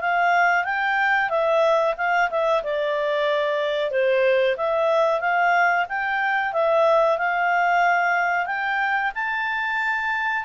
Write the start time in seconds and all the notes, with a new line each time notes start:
0.00 F5
0.64 G5
1.30 E5
1.97 F5
2.30 E5
2.63 D5
3.90 C5
4.57 E5
5.20 F5
5.89 G5
6.52 E5
7.18 F5
8.46 G5
9.15 A5